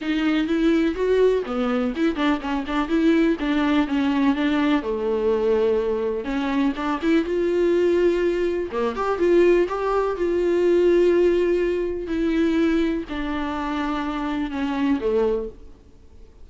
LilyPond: \new Staff \with { instrumentName = "viola" } { \time 4/4 \tempo 4 = 124 dis'4 e'4 fis'4 b4 | e'8 d'8 cis'8 d'8 e'4 d'4 | cis'4 d'4 a2~ | a4 cis'4 d'8 e'8 f'4~ |
f'2 ais8 g'8 f'4 | g'4 f'2.~ | f'4 e'2 d'4~ | d'2 cis'4 a4 | }